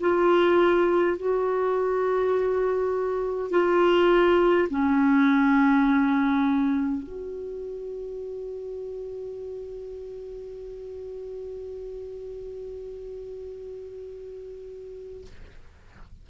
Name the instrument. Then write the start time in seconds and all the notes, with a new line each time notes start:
clarinet
0.00 F4
1.17 F#4
3.50 F4
4.70 C#4
7.03 F#4